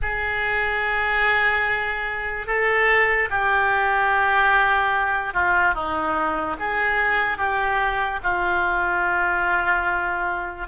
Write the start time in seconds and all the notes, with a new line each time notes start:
0.02 G#4
2.46 A4
3.30 G4
5.33 F4
5.74 D#4
6.59 G#4
7.37 G4
8.23 F4